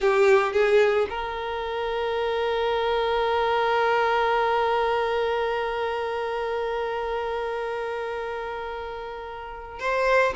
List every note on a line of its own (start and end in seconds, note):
0.00 0.52 G4
0.52 1.07 G#4
1.09 9.79 A#4
9.79 10.34 C5